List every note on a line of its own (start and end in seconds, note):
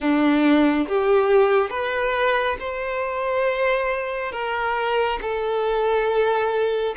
0.00 0.87 D4
0.88 1.70 G4
1.70 2.57 B4
2.59 4.32 C5
4.32 5.19 A#4
5.21 6.95 A4